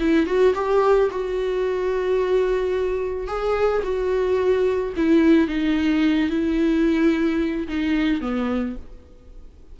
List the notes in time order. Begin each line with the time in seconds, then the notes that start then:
0.00 E4
0.26 F#4
0.55 G4
1.11 F#4
3.28 G#4
3.84 F#4
4.97 E4
5.48 D#4
6.30 E4
7.68 D#4
8.21 B3